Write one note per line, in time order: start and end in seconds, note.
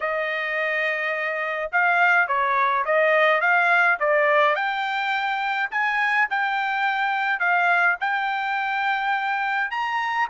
0.00 1.70 D#5
1.71 2.27 F5
2.27 2.84 C#5
2.85 3.40 D#5
3.40 3.97 F5
3.99 4.55 D5
4.55 5.69 G5
5.71 6.28 G#5
6.30 7.39 G5
7.39 7.96 F5
8.00 9.70 G5
9.70 10.28 A#5